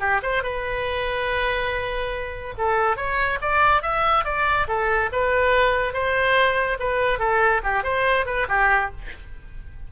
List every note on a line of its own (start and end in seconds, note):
0.00 0.21 G4
0.23 0.43 C5
0.43 2.54 B4
2.58 2.97 A4
2.97 3.39 C#5
3.42 3.83 D5
3.83 4.25 E5
4.25 4.67 D5
4.68 5.10 A4
5.13 5.94 B4
5.94 6.78 C5
6.80 7.19 B4
7.19 7.62 A4
7.64 7.84 G4
7.84 8.26 C5
8.26 8.47 B4
8.49 8.91 G4